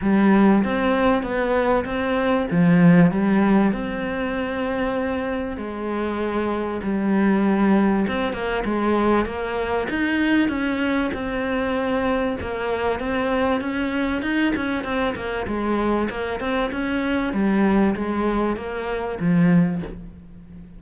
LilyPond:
\new Staff \with { instrumentName = "cello" } { \time 4/4 \tempo 4 = 97 g4 c'4 b4 c'4 | f4 g4 c'2~ | c'4 gis2 g4~ | g4 c'8 ais8 gis4 ais4 |
dis'4 cis'4 c'2 | ais4 c'4 cis'4 dis'8 cis'8 | c'8 ais8 gis4 ais8 c'8 cis'4 | g4 gis4 ais4 f4 | }